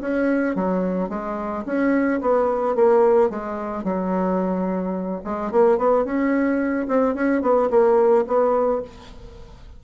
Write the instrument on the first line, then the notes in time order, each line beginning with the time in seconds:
bassoon
0.00 C#4
0.55 F#3
1.09 G#3
1.65 C#4
2.20 B3
2.75 A#3
3.29 G#3
3.83 F#3
5.24 G#3
5.51 A#3
5.77 B3
6.04 C#4
6.87 C4
7.14 C#4
7.41 B3
7.70 A#3
8.26 B3